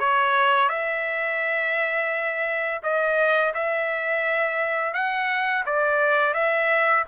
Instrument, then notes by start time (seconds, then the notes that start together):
trumpet
0.00 C#5
0.69 E5
2.83 D#5
3.55 E5
4.94 F#5
5.66 D5
6.34 E5